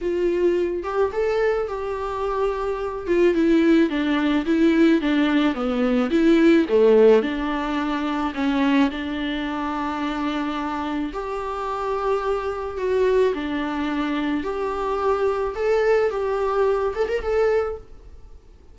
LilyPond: \new Staff \with { instrumentName = "viola" } { \time 4/4 \tempo 4 = 108 f'4. g'8 a'4 g'4~ | g'4. f'8 e'4 d'4 | e'4 d'4 b4 e'4 | a4 d'2 cis'4 |
d'1 | g'2. fis'4 | d'2 g'2 | a'4 g'4. a'16 ais'16 a'4 | }